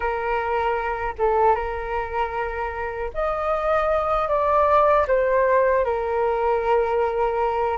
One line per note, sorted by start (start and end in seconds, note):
0.00 1.14 A#4
1.18 1.55 A4
1.55 3.11 A#4
3.13 4.28 D#5
4.28 5.06 D5
5.07 5.84 C5
5.84 7.77 A#4